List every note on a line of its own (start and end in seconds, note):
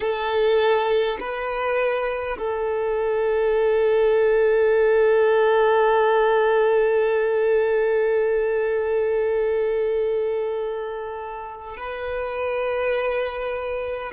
0.00 1.18 A4
1.20 2.37 B4
2.37 11.76 A4
11.76 14.12 B4